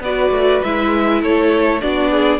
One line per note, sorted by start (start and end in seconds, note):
0.00 0.30 B3
0.00 0.64 F#4
0.00 1.22 B4
0.00 0.62 D5
0.30 0.60 A3
0.62 1.22 G#3
0.62 1.80 E4
0.62 1.22 E5
1.22 1.81 A3
1.22 1.81 A4
1.22 1.81 C#5
1.80 2.39 B3
1.80 2.39 D4
1.80 2.10 F#4
1.80 2.39 D5
2.10 2.39 G#4